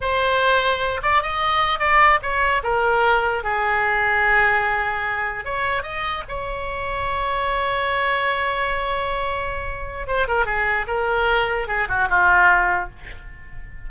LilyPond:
\new Staff \with { instrumentName = "oboe" } { \time 4/4 \tempo 4 = 149 c''2~ c''8 d''8 dis''4~ | dis''8 d''4 cis''4 ais'4.~ | ais'8 gis'2.~ gis'8~ | gis'4. cis''4 dis''4 cis''8~ |
cis''1~ | cis''1~ | cis''4 c''8 ais'8 gis'4 ais'4~ | ais'4 gis'8 fis'8 f'2 | }